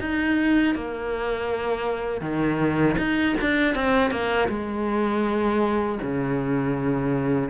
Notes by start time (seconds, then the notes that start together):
0.00 D#4
0.74 A#3
2.21 D#3
2.97 D#4
3.41 D4
3.75 C4
4.10 A#3
4.48 G#3
6.02 C#3